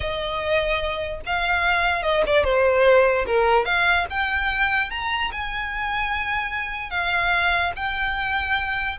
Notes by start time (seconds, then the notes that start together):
0.00 D#5
1.26 F5
2.02 D#5
2.26 D5
2.44 C5
3.26 A#4
3.65 F5
4.10 G5
4.90 A#5
5.32 G#5
6.90 F5
7.76 G5